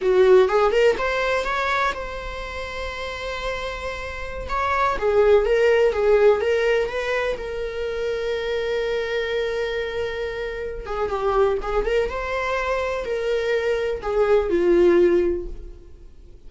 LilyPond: \new Staff \with { instrumentName = "viola" } { \time 4/4 \tempo 4 = 124 fis'4 gis'8 ais'8 c''4 cis''4 | c''1~ | c''4~ c''16 cis''4 gis'4 ais'8.~ | ais'16 gis'4 ais'4 b'4 ais'8.~ |
ais'1~ | ais'2~ ais'8 gis'8 g'4 | gis'8 ais'8 c''2 ais'4~ | ais'4 gis'4 f'2 | }